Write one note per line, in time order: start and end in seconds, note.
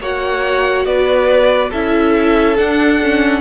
0.00 0.85 A#3
0.00 1.72 F#4
0.00 0.87 C#5
0.00 0.85 F#5
0.85 1.71 B3
0.85 1.70 B4
0.85 1.71 D5
1.70 2.59 C#4
1.70 2.57 E4
1.70 3.41 A4
1.70 2.57 E5
2.57 3.00 D4
2.57 3.41 D4
2.57 3.41 F#5
3.02 3.41 C#4